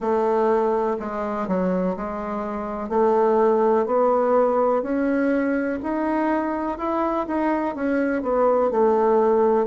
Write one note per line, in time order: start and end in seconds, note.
0.00 0.97 A3
0.99 1.47 G#3
1.47 1.96 F#3
1.96 2.89 G#3
2.89 3.85 A3
3.86 4.82 B3
4.82 5.78 C#4
5.82 6.77 D#4
6.77 7.26 E4
7.27 7.75 D#4
7.75 8.22 C#4
8.22 8.71 B3
8.71 9.66 A3